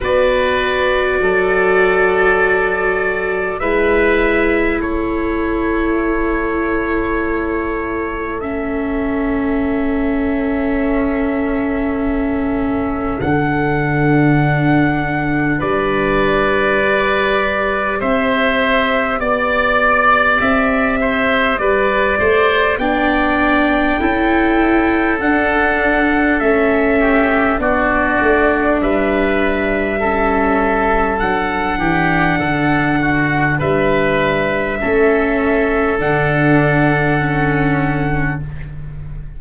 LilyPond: <<
  \new Staff \with { instrumentName = "trumpet" } { \time 4/4 \tempo 4 = 50 d''2. e''4 | cis''2. e''4~ | e''2. fis''4~ | fis''4 d''2 e''4 |
d''4 e''4 d''4 g''4~ | g''4 fis''4 e''4 d''4 | e''2 fis''2 | e''2 fis''2 | }
  \new Staff \with { instrumentName = "oboe" } { \time 4/4 b'4 a'2 b'4 | a'1~ | a'1~ | a'4 b'2 c''4 |
d''4. c''8 b'8 c''8 d''4 | a'2~ a'8 g'8 fis'4 | b'4 a'4. g'8 a'8 fis'8 | b'4 a'2. | }
  \new Staff \with { instrumentName = "viola" } { \time 4/4 fis'2. e'4~ | e'2. cis'4~ | cis'2. d'4~ | d'2 g'2~ |
g'2. d'4 | e'4 d'4 cis'4 d'4~ | d'4 cis'4 d'2~ | d'4 cis'4 d'4 cis'4 | }
  \new Staff \with { instrumentName = "tuba" } { \time 4/4 b4 fis2 gis4 | a1~ | a2. d4~ | d4 g2 c'4 |
b4 c'4 g8 a8 b4 | cis'4 d'4 a4 b8 a8 | g2 fis8 e8 d4 | g4 a4 d2 | }
>>